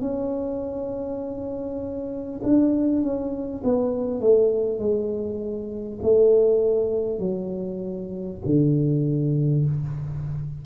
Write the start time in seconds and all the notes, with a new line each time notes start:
0.00 C#4
2.43 D4
3.02 C#4
3.64 B3
4.21 A3
4.78 G#3
6.02 A3
7.19 F#3
8.45 D3